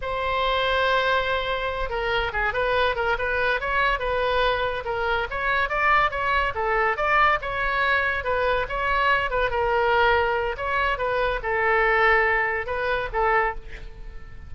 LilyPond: \new Staff \with { instrumentName = "oboe" } { \time 4/4 \tempo 4 = 142 c''1~ | c''8 ais'4 gis'8 b'4 ais'8 b'8~ | b'8 cis''4 b'2 ais'8~ | ais'8 cis''4 d''4 cis''4 a'8~ |
a'8 d''4 cis''2 b'8~ | b'8 cis''4. b'8 ais'4.~ | ais'4 cis''4 b'4 a'4~ | a'2 b'4 a'4 | }